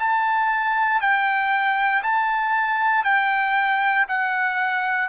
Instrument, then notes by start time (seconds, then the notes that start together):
trumpet
0.00 A5
1.02 G5
2.03 A5
3.05 G5
4.09 F#5